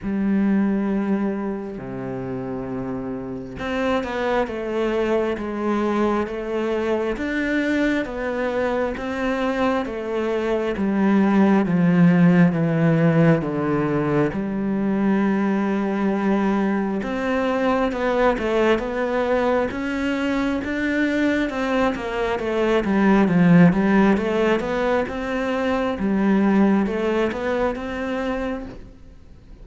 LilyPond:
\new Staff \with { instrumentName = "cello" } { \time 4/4 \tempo 4 = 67 g2 c2 | c'8 b8 a4 gis4 a4 | d'4 b4 c'4 a4 | g4 f4 e4 d4 |
g2. c'4 | b8 a8 b4 cis'4 d'4 | c'8 ais8 a8 g8 f8 g8 a8 b8 | c'4 g4 a8 b8 c'4 | }